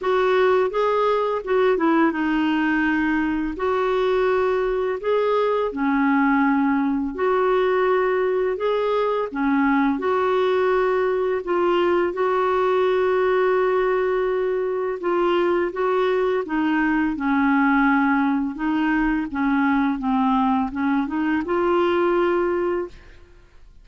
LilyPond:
\new Staff \with { instrumentName = "clarinet" } { \time 4/4 \tempo 4 = 84 fis'4 gis'4 fis'8 e'8 dis'4~ | dis'4 fis'2 gis'4 | cis'2 fis'2 | gis'4 cis'4 fis'2 |
f'4 fis'2.~ | fis'4 f'4 fis'4 dis'4 | cis'2 dis'4 cis'4 | c'4 cis'8 dis'8 f'2 | }